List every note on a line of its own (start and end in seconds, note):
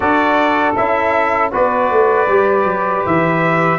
0.00 0.74 D4
0.00 0.74 F#4
0.00 1.51 A4
0.00 0.75 D5
0.76 1.53 C#4
0.76 1.51 E4
0.76 1.52 E5
1.51 1.90 B3
1.51 2.27 F#4
1.51 3.78 B4
1.51 3.06 D5
1.90 2.27 A3
2.27 2.64 G3
2.27 3.78 G4
2.64 3.02 F#3
3.06 3.78 E3
3.06 3.78 E5